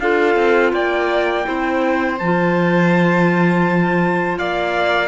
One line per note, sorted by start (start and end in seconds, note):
0.00 0.36 D4
0.00 1.44 F4
0.00 0.74 A4
0.00 0.73 F5
0.36 0.73 C4
0.73 1.46 A#3
0.73 1.47 D5
0.73 2.19 G5
1.44 2.21 C4
1.44 2.17 E4
1.44 4.39 C5
2.19 4.39 F3
2.19 5.09 F4
2.19 4.39 A5
4.39 5.09 A#3
4.39 5.09 D5
4.39 5.09 F5